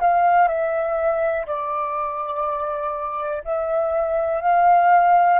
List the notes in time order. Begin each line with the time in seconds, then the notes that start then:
0.00 F5
0.48 E5
1.47 D5
3.45 E5
4.41 F5